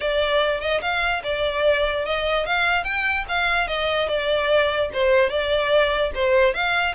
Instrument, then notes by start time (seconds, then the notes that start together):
violin
0.00 D5
0.60 D#5
0.81 F5
1.23 D5
2.05 D#5
2.46 F5
2.84 G5
3.28 F5
3.67 D#5
4.08 D5
4.93 C5
5.29 D5
6.14 C5
6.53 F5